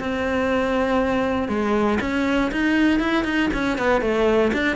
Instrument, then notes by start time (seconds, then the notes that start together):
cello
0.00 C4
1.49 G#3
2.01 C#4
2.52 D#4
3.00 E4
3.25 D#4
3.54 C#4
3.78 B3
4.01 A3
4.54 D4